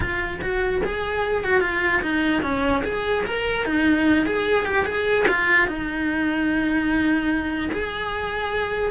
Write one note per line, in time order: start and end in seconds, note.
0.00 0.40 F4
0.41 0.82 F#4
0.84 1.44 G#4
1.44 1.61 F#4
1.61 2.01 F4
2.02 2.42 D#4
2.42 2.82 C#4
2.84 3.24 G#4
3.26 3.65 A#4
3.65 4.26 D#4
4.26 4.65 G#4
4.65 4.85 G4
4.85 5.25 G#4
5.28 5.67 F4
5.67 7.70 D#4
7.72 8.91 G#4